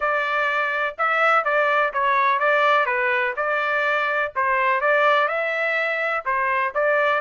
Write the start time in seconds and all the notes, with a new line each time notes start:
0.00 D5
0.97 E5
1.44 D5
1.93 C#5
2.39 D5
2.86 B4
3.36 D5
4.35 C5
4.80 D5
5.28 E5
6.25 C5
6.74 D5